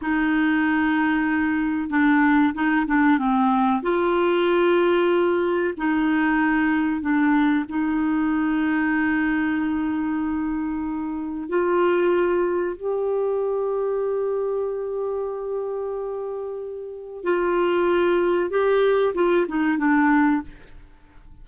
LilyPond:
\new Staff \with { instrumentName = "clarinet" } { \time 4/4 \tempo 4 = 94 dis'2. d'4 | dis'8 d'8 c'4 f'2~ | f'4 dis'2 d'4 | dis'1~ |
dis'2 f'2 | g'1~ | g'2. f'4~ | f'4 g'4 f'8 dis'8 d'4 | }